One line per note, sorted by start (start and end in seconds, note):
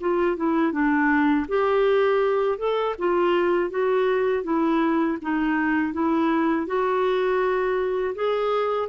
0.00 0.37 F4
0.37 0.72 E4
0.72 1.46 D4
1.48 2.58 G4
2.58 2.95 A4
2.98 3.70 F4
3.70 4.43 F#4
4.43 5.18 E4
5.22 5.93 D#4
5.93 6.66 E4
6.66 8.14 F#4
8.15 8.89 G#4